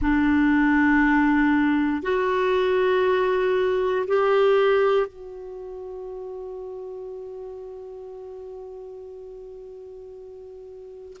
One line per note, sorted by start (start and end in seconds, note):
0.01 2.02 D4
2.02 4.05 F#4
4.07 5.07 G4
5.07 11.17 F#4